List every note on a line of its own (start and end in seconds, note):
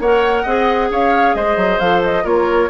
0.00 0.45 A#3
0.00 0.47 A#4
0.00 0.43 C#5
0.00 0.92 F#5
0.43 0.91 C4
0.43 1.82 G#4
0.43 0.88 D#5
0.91 1.35 C#4
0.91 1.36 C#5
0.91 1.35 F5
1.35 1.57 G#3
1.35 2.24 C5
1.35 1.80 D#5
1.57 1.79 F#3
1.80 2.25 F3
1.80 2.24 A4
1.80 2.02 F5
2.04 2.26 D#5
2.24 2.70 A#3
2.24 2.69 F4
2.24 2.69 A#4
2.24 2.71 C#5